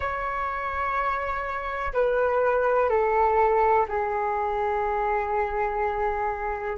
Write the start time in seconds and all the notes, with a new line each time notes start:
0.00 C#5
1.93 B4
2.89 A4
3.88 G#4